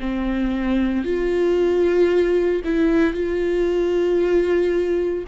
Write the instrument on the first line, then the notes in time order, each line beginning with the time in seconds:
viola
0.00 C4
1.04 F4
2.65 E4
3.14 F4